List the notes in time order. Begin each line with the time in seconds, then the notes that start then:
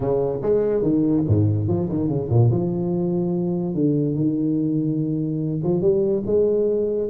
0.00 C#3
0.41 G#3
0.82 D#3
1.27 G#2
1.68 F3
1.89 D#3
2.08 C#3
2.29 A#2
2.50 F3
3.74 D3
4.15 D#3
5.63 F3
5.81 G3
6.26 G#3